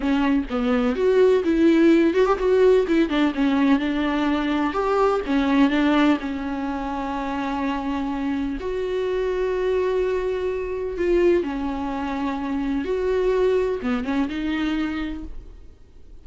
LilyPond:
\new Staff \with { instrumentName = "viola" } { \time 4/4 \tempo 4 = 126 cis'4 b4 fis'4 e'4~ | e'8 fis'16 g'16 fis'4 e'8 d'8 cis'4 | d'2 g'4 cis'4 | d'4 cis'2.~ |
cis'2 fis'2~ | fis'2. f'4 | cis'2. fis'4~ | fis'4 b8 cis'8 dis'2 | }